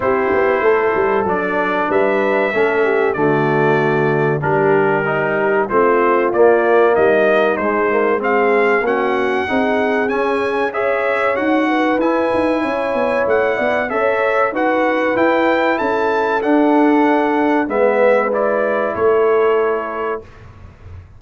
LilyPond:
<<
  \new Staff \with { instrumentName = "trumpet" } { \time 4/4 \tempo 4 = 95 c''2 d''4 e''4~ | e''4 d''2 ais'4~ | ais'4 c''4 d''4 dis''4 | c''4 f''4 fis''2 |
gis''4 e''4 fis''4 gis''4~ | gis''4 fis''4 e''4 fis''4 | g''4 a''4 fis''2 | e''4 d''4 cis''2 | }
  \new Staff \with { instrumentName = "horn" } { \time 4/4 g'4 a'2 b'4 | a'8 g'8 fis'2 g'4~ | g'4 f'2 dis'4~ | dis'4 gis'4 fis'4 gis'4~ |
gis'4 cis''4. b'4. | cis''4. d''8 cis''4 b'4~ | b'4 a'2. | b'2 a'2 | }
  \new Staff \with { instrumentName = "trombone" } { \time 4/4 e'2 d'2 | cis'4 a2 d'4 | dis'4 c'4 ais2 | gis8 ais8 c'4 cis'4 dis'4 |
cis'4 gis'4 fis'4 e'4~ | e'2 a'4 fis'4 | e'2 d'2 | b4 e'2. | }
  \new Staff \with { instrumentName = "tuba" } { \time 4/4 c'8 b8 a8 g8 fis4 g4 | a4 d2 g4~ | g4 a4 ais4 g4 | gis2 ais4 c'4 |
cis'2 dis'4 e'8 dis'8 | cis'8 b8 a8 b8 cis'4 dis'4 | e'4 cis'4 d'2 | gis2 a2 | }
>>